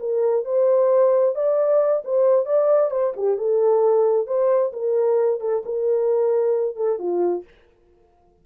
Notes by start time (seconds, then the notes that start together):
0.00 A#4
0.45 C5
1.35 D5
2.05 C5
2.46 D5
2.91 C5
3.17 G4
3.38 A4
4.27 C5
4.73 A#4
5.41 A4
5.66 A#4
6.76 A4
6.99 F4